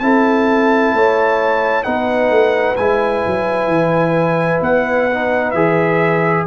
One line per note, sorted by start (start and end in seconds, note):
0.00 0.93 C4
0.00 1.84 E4
0.00 0.96 A4
0.00 1.84 A5
0.93 1.85 A3
0.93 1.86 C#5
1.84 2.30 B3
1.84 2.76 D#4
1.84 6.47 B4
1.84 2.76 F#5
2.30 2.76 A3
2.77 3.24 G#3
2.77 5.11 E4
2.77 4.61 G#5
3.27 3.67 F#3
3.67 4.60 E3
4.61 5.54 B3
4.61 5.52 F#5
5.12 5.56 D#4
5.52 6.46 E3
5.52 6.47 G#4
5.52 6.44 E5